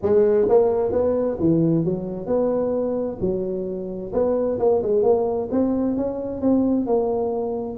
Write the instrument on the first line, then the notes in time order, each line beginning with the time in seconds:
tuba
0.02 G#3
0.48 A#3
0.92 B3
1.39 E3
1.84 F#3
2.26 B3
3.20 F#3
4.12 B3
4.59 A#3
4.82 G#3
5.03 A#3
5.51 C4
5.96 C#4
6.41 C4
6.86 A#3